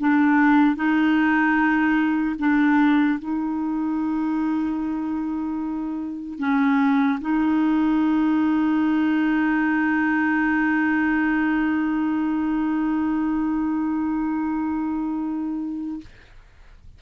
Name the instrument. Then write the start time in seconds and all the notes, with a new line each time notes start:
clarinet
0.00 D4
0.76 D#4
2.39 D4
3.19 D#4
6.39 C#4
7.21 D#4